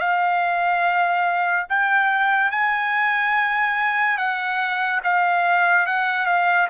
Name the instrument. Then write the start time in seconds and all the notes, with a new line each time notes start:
trumpet
0.00 F5
1.69 G5
2.51 G#5
4.18 F#5
5.04 F5
5.86 F#5
6.26 F5